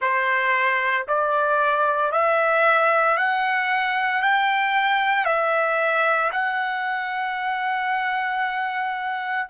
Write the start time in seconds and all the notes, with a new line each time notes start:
0.01 C5
1.07 D5
2.11 E5
3.17 F#5
4.22 G5
5.25 E5
6.32 F#5